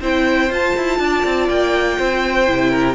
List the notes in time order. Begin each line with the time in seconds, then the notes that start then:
0.00 C4 E4 C5 G5
0.50 F4 A5
0.77 E4
0.99 D4 D5
1.25 C4
1.49 A#3 G5
1.98 C4 C5
2.47 C3 E4
2.71 A#4